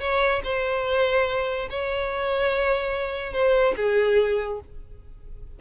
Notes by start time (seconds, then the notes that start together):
0.00 C#5
0.44 C5
1.70 C#5
3.33 C5
3.76 G#4